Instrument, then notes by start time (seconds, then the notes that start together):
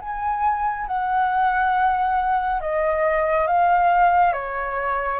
flute
0.00 G#5
0.87 F#5
2.61 D#5
3.47 F5
4.33 C#5